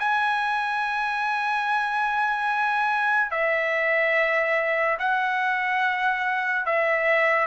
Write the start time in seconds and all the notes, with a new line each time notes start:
0.00 G#5
3.31 E5
5.00 F#5
6.66 E5